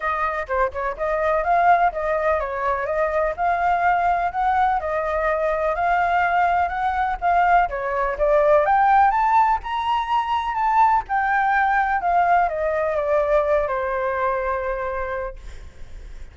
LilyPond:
\new Staff \with { instrumentName = "flute" } { \time 4/4 \tempo 4 = 125 dis''4 c''8 cis''8 dis''4 f''4 | dis''4 cis''4 dis''4 f''4~ | f''4 fis''4 dis''2 | f''2 fis''4 f''4 |
cis''4 d''4 g''4 a''4 | ais''2 a''4 g''4~ | g''4 f''4 dis''4 d''4~ | d''8 c''2.~ c''8 | }